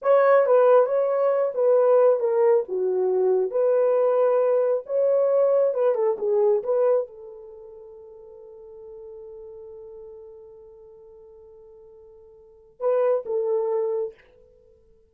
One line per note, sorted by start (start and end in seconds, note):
0.02 0.45 C#5
0.45 0.86 B4
0.86 1.52 C#5
1.54 2.19 B4
2.19 2.63 A#4
2.68 3.50 F#4
3.50 4.83 B4
4.86 5.74 C#5
5.74 5.95 B4
5.95 6.16 A4
6.18 6.62 G#4
6.63 7.07 B4
7.07 12.79 A4
12.79 13.24 B4
13.25 14.14 A4